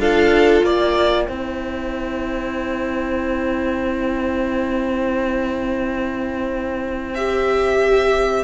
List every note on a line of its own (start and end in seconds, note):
0.00 0.63 D4
0.00 1.30 F4
0.00 0.66 A4
0.00 0.64 F5
0.63 1.28 A#3
0.63 1.27 D5
0.63 7.15 G5
1.27 8.44 C4
1.27 7.17 E4
1.27 8.44 C5
7.15 8.44 G4
7.15 8.44 E5